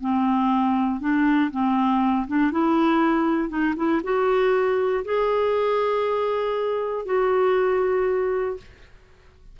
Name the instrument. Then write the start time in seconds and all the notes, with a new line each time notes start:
clarinet
0.00 C4
1.00 D4
1.51 C4
2.27 D4
2.51 E4
3.49 D#4
3.76 E4
4.03 F#4
5.04 G#4
7.05 F#4